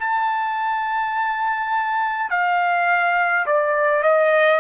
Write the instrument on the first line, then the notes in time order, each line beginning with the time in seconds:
trumpet
0.00 A5
2.31 F5
3.47 D5
4.03 D#5